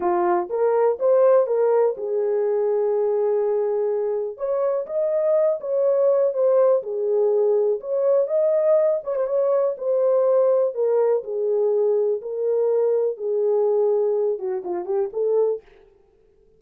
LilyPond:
\new Staff \with { instrumentName = "horn" } { \time 4/4 \tempo 4 = 123 f'4 ais'4 c''4 ais'4 | gis'1~ | gis'4 cis''4 dis''4. cis''8~ | cis''4 c''4 gis'2 |
cis''4 dis''4. cis''16 c''16 cis''4 | c''2 ais'4 gis'4~ | gis'4 ais'2 gis'4~ | gis'4. fis'8 f'8 g'8 a'4 | }